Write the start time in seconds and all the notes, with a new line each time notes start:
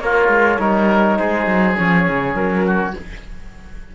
0.00 A#3 F4 A#4 C#5
0.29 G#3
0.59 G3 D#4 A#4
1.18 G#3 G#4 C5
1.46 F#3
1.76 F3 C#4 C#5
2.08 C#3
2.35 F#3 A#4
2.66 F#4